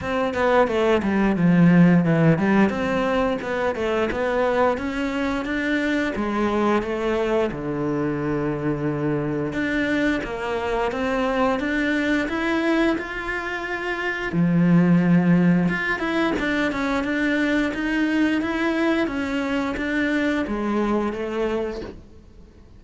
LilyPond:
\new Staff \with { instrumentName = "cello" } { \time 4/4 \tempo 4 = 88 c'8 b8 a8 g8 f4 e8 g8 | c'4 b8 a8 b4 cis'4 | d'4 gis4 a4 d4~ | d2 d'4 ais4 |
c'4 d'4 e'4 f'4~ | f'4 f2 f'8 e'8 | d'8 cis'8 d'4 dis'4 e'4 | cis'4 d'4 gis4 a4 | }